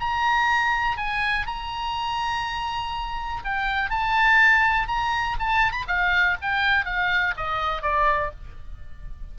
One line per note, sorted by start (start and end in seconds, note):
0.00 0.97 A#5
0.97 1.46 G#5
1.46 3.43 A#5
3.44 3.90 G5
3.90 4.87 A5
4.87 5.37 A#5
5.39 5.72 A5
5.72 5.84 B5
5.87 6.37 F5
6.42 6.85 G5
6.85 7.34 F5
7.37 7.82 D#5
7.82 8.31 D5